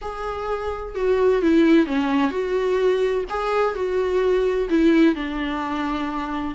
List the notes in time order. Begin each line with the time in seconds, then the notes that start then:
0.01 G#4
0.95 F#4
1.41 E4
1.86 C#4
2.30 F#4
3.29 G#4
3.74 F#4
4.69 E4
5.15 D4